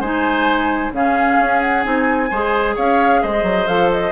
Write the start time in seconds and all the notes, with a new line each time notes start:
0.00 G#3 D#4 C5 G#5
0.92 C#3 C#4 G#4 F5
1.40 C#4
1.61 F#5
1.83 C4 D#4 G#5
2.31 G#3 G#4 C5
2.76 C#4 C#5 F5
3.23 G#3 C5 D#5
3.43 F#3
3.67 F3 A4 F5
3.92 D#5